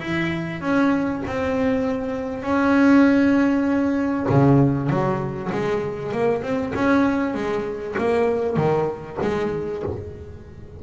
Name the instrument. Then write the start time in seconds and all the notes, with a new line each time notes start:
double bass
0.00 E4
0.61 C#4
1.27 C4
2.43 C#4
4.30 C#3
4.90 F#3
5.52 G#3
6.12 A#3
6.43 C4
6.75 C#4
7.34 G#3
7.98 A#3
8.57 D#3
9.22 G#3